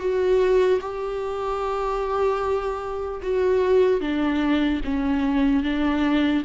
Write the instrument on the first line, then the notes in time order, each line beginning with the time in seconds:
viola
0.00 F#4
0.81 G4
3.23 F#4
4.01 D4
4.85 C#4
5.64 D4